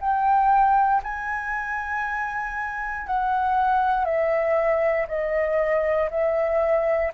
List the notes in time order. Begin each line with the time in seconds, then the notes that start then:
0.00 G5
1.03 G#5
3.06 F#5
4.04 E5
5.08 D#5
6.10 E5